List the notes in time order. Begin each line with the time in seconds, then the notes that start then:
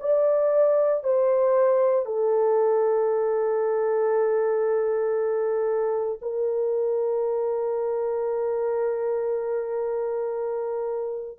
0.00 D5
1.03 C5
2.05 A4
6.22 A#4